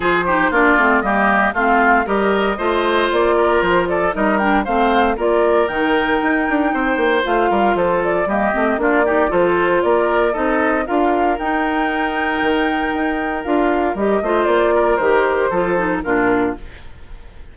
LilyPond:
<<
  \new Staff \with { instrumentName = "flute" } { \time 4/4 \tempo 4 = 116 c''4 d''4 dis''4 f''4 | dis''2 d''4 c''8 d''8 | dis''8 g''8 f''4 d''4 g''4~ | g''2 f''4 c''8 d''8 |
dis''4 d''4 c''4 d''4 | dis''4 f''4 g''2~ | g''2 f''4 dis''4 | d''4 c''2 ais'4 | }
  \new Staff \with { instrumentName = "oboe" } { \time 4/4 gis'8 g'8 f'4 g'4 f'4 | ais'4 c''4. ais'4 a'8 | ais'4 c''4 ais'2~ | ais'4 c''4. ais'8 a'4 |
g'4 f'8 g'8 a'4 ais'4 | a'4 ais'2.~ | ais'2.~ ais'8 c''8~ | c''8 ais'4. a'4 f'4 | }
  \new Staff \with { instrumentName = "clarinet" } { \time 4/4 f'8 dis'8 d'8 c'8 ais4 c'4 | g'4 f'2. | dis'8 d'8 c'4 f'4 dis'4~ | dis'2 f'2 |
ais8 c'8 d'8 dis'8 f'2 | dis'4 f'4 dis'2~ | dis'2 f'4 g'8 f'8~ | f'4 g'4 f'8 dis'8 d'4 | }
  \new Staff \with { instrumentName = "bassoon" } { \time 4/4 f4 ais8 a8 g4 a4 | g4 a4 ais4 f4 | g4 a4 ais4 dis4 | dis'8 d'8 c'8 ais8 a8 g8 f4 |
g8 a8 ais4 f4 ais4 | c'4 d'4 dis'2 | dis4 dis'4 d'4 g8 a8 | ais4 dis4 f4 ais,4 | }
>>